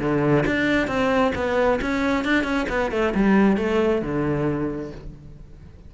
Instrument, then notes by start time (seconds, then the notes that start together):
cello
0.00 D3
0.47 D4
0.88 C4
1.36 B3
1.82 C#4
2.25 D4
2.44 C#4
2.70 B3
2.92 A3
3.15 G3
3.58 A3
4.02 D3